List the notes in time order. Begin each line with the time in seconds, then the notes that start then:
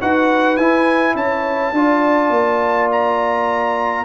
0.00 D#4 F#4 B4 F#5
0.57 E4 G#5
1.14 C#4 C#5 A5
1.72 D4 F4 D5
2.30 A#3
2.91 A#5